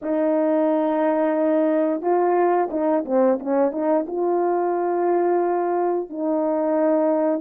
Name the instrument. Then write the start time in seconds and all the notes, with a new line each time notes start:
horn
0.02 D#4
2.01 F4
2.70 D#4
3.05 C4
3.39 C#4
3.71 D#4
4.07 F4
6.09 D#4